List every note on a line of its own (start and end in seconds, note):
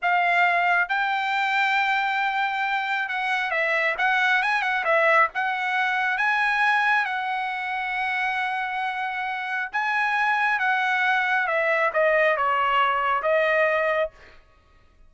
0.02 0.88 F5
0.88 3.08 G5
3.08 3.51 F#5
3.51 3.95 E5
3.98 4.42 F#5
4.42 4.62 G#5
4.62 4.84 F#5
4.84 5.28 E5
5.34 6.17 F#5
6.17 7.05 G#5
7.05 9.70 F#5
9.72 10.59 G#5
10.59 11.47 F#5
11.47 11.91 E5
11.93 12.36 D#5
12.36 13.22 C#5
13.22 14.10 D#5